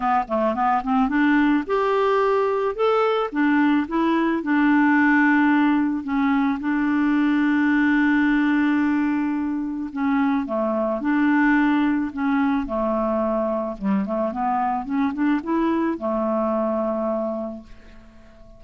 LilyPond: \new Staff \with { instrumentName = "clarinet" } { \time 4/4 \tempo 4 = 109 b8 a8 b8 c'8 d'4 g'4~ | g'4 a'4 d'4 e'4 | d'2. cis'4 | d'1~ |
d'2 cis'4 a4 | d'2 cis'4 a4~ | a4 g8 a8 b4 cis'8 d'8 | e'4 a2. | }